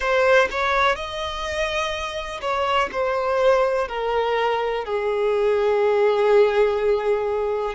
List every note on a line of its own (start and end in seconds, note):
0.00 0.48 C5
0.51 0.95 C#5
0.95 2.41 D#5
2.41 2.89 C#5
2.92 3.88 C5
3.88 4.84 A#4
4.84 7.74 G#4